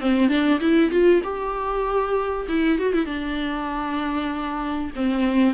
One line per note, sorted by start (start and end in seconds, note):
0.00 0.28 C4
0.28 0.59 D4
0.60 0.90 E4
0.90 1.21 F4
1.23 2.46 G4
2.48 2.78 E4
2.78 2.93 F#4
2.93 3.05 E4
3.05 4.91 D4
4.95 5.54 C4